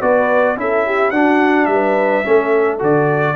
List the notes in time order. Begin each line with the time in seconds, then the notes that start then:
0.00 B3 F#4 B4 D5
0.57 C#4 E4 A4 E5
0.86 G4
1.11 D4 F#4 F#5
1.65 G3 B4 E5
2.24 A3 C#4 A4
2.79 D3 F#4 D5